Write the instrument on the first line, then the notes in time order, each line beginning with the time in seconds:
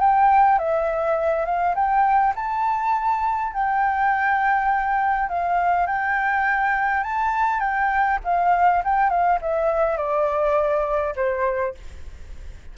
flute
0.00 G5
0.58 E5
1.45 F5
1.75 G5
2.35 A5
3.53 G5
5.28 F5
5.86 G5
7.03 A5
7.59 G5
8.24 F5
8.84 G5
9.09 F5
9.41 E5
9.97 D5
11.15 C5